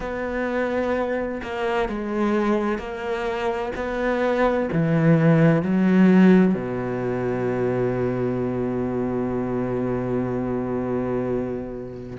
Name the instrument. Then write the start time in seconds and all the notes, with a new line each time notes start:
cello
0.00 B3
1.43 A#3
1.88 G#3
2.78 A#3
3.75 B3
4.72 E3
5.62 F#3
6.54 B2